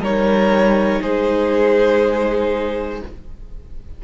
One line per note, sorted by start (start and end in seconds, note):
0.00 1.00 G3
0.00 3.04 D#4
0.00 1.01 A#4
0.00 1.02 C#5
1.01 3.02 G#3
1.01 3.01 G#4
1.01 3.02 C5